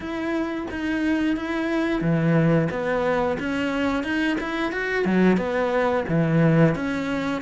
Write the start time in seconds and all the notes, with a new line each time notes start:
0.00 E4
0.70 D#4
1.36 E4
2.01 E3
2.70 B3
3.39 C#4
4.03 D#4
4.40 E4
4.72 F#4
5.05 F#3
5.37 B3
6.08 E3
6.75 C#4